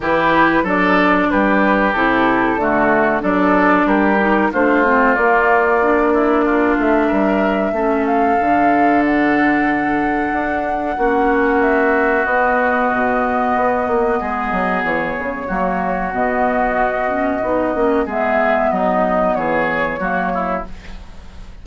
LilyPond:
<<
  \new Staff \with { instrumentName = "flute" } { \time 4/4 \tempo 4 = 93 b'4 d''4 b'4 a'4~ | a'4 d''4 ais'4 c''4 | d''2~ d''8 e''4.~ | e''8 f''4. fis''2~ |
fis''2 e''4 dis''4~ | dis''2. cis''4~ | cis''4 dis''2. | e''4 dis''4 cis''2 | }
  \new Staff \with { instrumentName = "oboe" } { \time 4/4 g'4 a'4 g'2 | fis'4 a'4 g'4 f'4~ | f'4. e'8 f'4 ais'4 | a'1~ |
a'4 fis'2.~ | fis'2 gis'2 | fis'1 | gis'4 dis'4 gis'4 fis'8 e'8 | }
  \new Staff \with { instrumentName = "clarinet" } { \time 4/4 e'4 d'2 e'4 | a4 d'4. dis'8 d'8 c'8 | ais4 d'2. | cis'4 d'2.~ |
d'4 cis'2 b4~ | b1 | ais4 b4. cis'8 dis'8 cis'8 | b2. ais4 | }
  \new Staff \with { instrumentName = "bassoon" } { \time 4/4 e4 fis4 g4 c4 | d4 fis4 g4 a4 | ais2~ ais8 a8 g4 | a4 d2. |
d'4 ais2 b4 | b,4 b8 ais8 gis8 fis8 e8 cis8 | fis4 b,2 b8 ais8 | gis4 fis4 e4 fis4 | }
>>